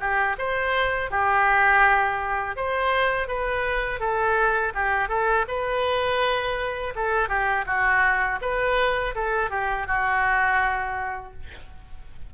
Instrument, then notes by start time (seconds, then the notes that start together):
oboe
0.00 G4
0.38 C5
1.11 G4
2.56 C5
3.28 B4
4.00 A4
4.74 G4
5.09 A4
5.48 B4
6.96 A4
7.29 G4
7.67 F#4
8.42 B4
9.16 A4
9.51 G4
9.87 F#4